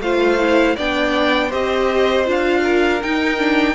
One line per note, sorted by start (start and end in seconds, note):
0.00 0.75 A3
0.00 0.40 F4
0.00 0.76 C5
0.00 0.77 F5
0.40 0.77 E4
0.76 1.53 B3
0.76 1.51 D4
0.76 1.49 D5
0.76 1.52 G5
1.49 2.28 C4
1.49 2.25 G4
1.49 2.61 C5
1.49 2.27 D#5
2.25 3.03 D4
2.25 3.00 F4
2.25 3.03 F5
2.64 3.75 A#4
3.03 3.39 D#4
3.03 3.75 D#4
3.03 3.75 G5
3.39 3.75 D4